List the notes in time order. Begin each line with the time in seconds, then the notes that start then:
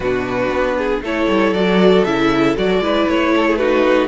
0.00 B2 D4 F#4 B4
0.50 B3
0.77 G#4
1.01 A3 E4 A4 C#5
1.27 G3
1.51 F#3 F#4 D5
2.04 C#3 E4 E5
2.56 F#3 F#4 D5
2.79 G#3 E4 B4
3.08 A3 C#5
3.36 A4
3.47 G#4
3.56 D#4 F#4 B4